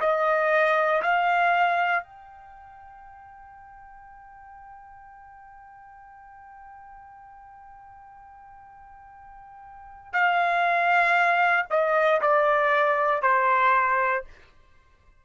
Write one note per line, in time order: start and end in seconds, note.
0.00 1.02 D#5
1.02 2.04 F5
2.04 10.13 G5
10.13 11.66 F5
11.70 12.21 D#5
12.21 13.22 D5
13.22 14.24 C5